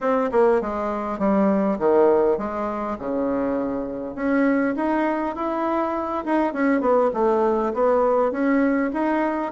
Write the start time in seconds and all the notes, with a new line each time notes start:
0.00 C4
0.31 A#3
0.61 G#3
1.19 G3
1.78 D#3
2.38 G#3
2.98 C#3
4.15 C#4
4.76 D#4
5.35 E4
6.25 D#4
6.53 C#4
6.80 B3
7.13 A3
7.73 B3
8.31 C#4
8.93 D#4